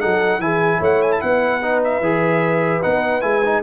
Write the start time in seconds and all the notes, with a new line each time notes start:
0.00 F#3 D#4 A4 F#5
0.39 E3 E4 G#4 G#5
0.79 A3 C#5 F#5
1.02 G#5
1.12 A5
1.21 B3 B4 F#5
1.62 D#4
1.84 E5
2.00 E3 G#4
2.82 B3 D#4 F#5
3.21 G#3 E4 G#5
3.45 D#4